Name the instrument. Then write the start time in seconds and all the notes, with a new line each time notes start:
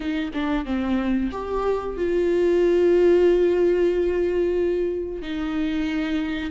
viola
0.00 D#4
0.33 D4
0.65 C4
1.31 G4
1.97 F4
5.22 D#4